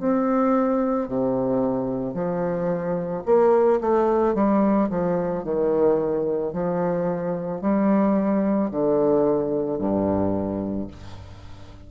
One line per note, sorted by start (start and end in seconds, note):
0.00 1.08 C4
1.08 2.14 C3
2.14 3.23 F3
3.26 3.80 A#3
3.81 4.34 A3
4.34 4.89 G3
4.89 5.44 F3
5.44 6.53 D#3
6.53 7.62 F3
7.62 8.71 G3
8.71 9.78 D3
9.78 10.87 G2